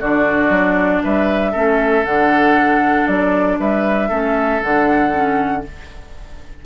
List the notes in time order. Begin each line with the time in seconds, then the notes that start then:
0.00 D3 D4 F#4 D5
0.50 F#3
1.04 G3 B4 E5
1.52 A3 C#4 A4
2.05 D3 D4 F#5
3.07 F#3 D5
3.59 G3 B4 E5
4.09 A3 C#4 A4
4.62 D3 D4 F#5
5.12 C#4